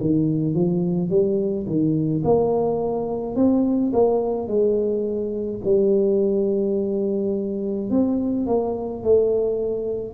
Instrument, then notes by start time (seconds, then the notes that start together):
tuba
0.00 D#3
0.54 F3
1.09 G3
1.66 D#3
2.24 A#3
3.35 C4
3.93 A#3
4.47 G#3
5.64 G3
7.90 C4
8.46 A#3
9.03 A3